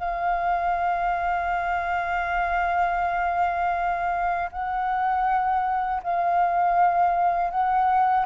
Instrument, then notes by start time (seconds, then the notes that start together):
flute
0.00 F5
4.52 F#5
6.03 F5
7.51 F#5